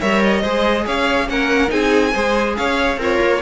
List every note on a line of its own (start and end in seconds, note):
0.00 0.43 G3
0.00 0.43 A#4
0.00 0.41 C#5
0.00 0.22 E5
0.22 0.86 D#5
0.41 0.86 G#3
0.41 1.28 G#4
0.41 0.84 C5
0.85 1.28 C#4
0.85 1.28 C#5
0.85 1.29 F5
1.28 1.71 A#3
1.28 1.67 C#4
1.28 1.72 A#4
1.28 1.70 F#5
1.67 2.14 C4
1.67 2.10 D#4
1.67 2.13 G#4
1.67 2.55 G#5
2.13 2.57 G#3
2.13 2.98 G#4
2.13 2.55 C5
2.56 2.96 C#4
2.56 3.00 C#5
2.56 2.99 F5
2.96 3.18 C4
2.96 3.42 F4
2.96 3.41 A#4
2.96 3.42 C#5
3.20 3.42 A#3